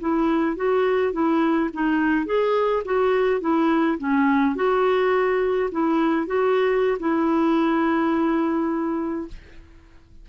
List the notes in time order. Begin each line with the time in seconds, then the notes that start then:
0.00 E4
0.56 F#4
1.12 E4
1.73 D#4
2.26 G#4
2.85 F#4
3.41 E4
3.98 C#4
4.55 F#4
5.71 E4
6.26 F#4
6.99 E4